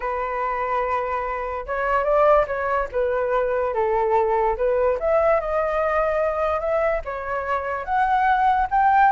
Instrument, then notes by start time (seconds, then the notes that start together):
flute
0.00 B4
1.66 C#5
2.04 D5
2.47 C#5
2.92 B4
3.74 A4
4.57 B4
4.99 E5
5.40 D#5
6.60 E5
7.04 C#5
7.85 F#5
8.70 G5